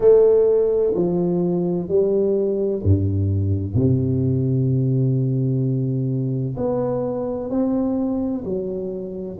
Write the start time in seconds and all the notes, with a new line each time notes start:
0.00 A3
0.94 F3
1.88 G3
2.83 G2
3.74 C3
6.56 B3
7.50 C4
8.44 F#3